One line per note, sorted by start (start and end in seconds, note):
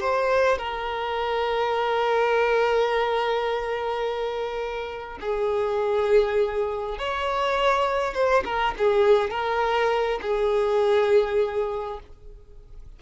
0.00 0.58 C5
0.58 5.19 A#4
5.21 6.99 G#4
6.99 8.14 C#5
8.14 8.44 C5
8.45 8.75 A#4
8.78 9.31 G#4
9.31 10.20 A#4
10.22 12.00 G#4